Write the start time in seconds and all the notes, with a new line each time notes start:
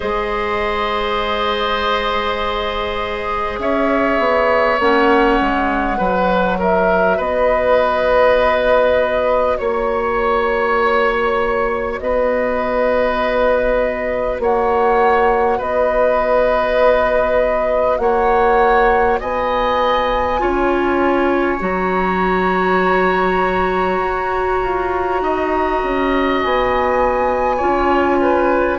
0.00 G#3 G#4 C5 D#5
3.58 C#4 C#5 E5
4.18 B3
4.79 A#3 C#4 F#5
5.40 G#3
5.97 F#3 F#4 B4
6.58 A#4 E5
7.17 B3 B4 D#5
9.57 A#3 C#5
11.98 B3 B4 D#5
14.39 A#3 C#5 F#5
15.58 B3 B4 D#5
17.98 A#3 C#5 F#5
19.20 B3 D#5 G#5
20.38 C#4 F4 C#5
21.58 F#3 F#4 A#5
23.99 F#4
24.62 F4
25.21 D#4 D#5
25.82 C#4
26.41 B3 G#5
27.56 C#4 F4 C#5
28.21 B4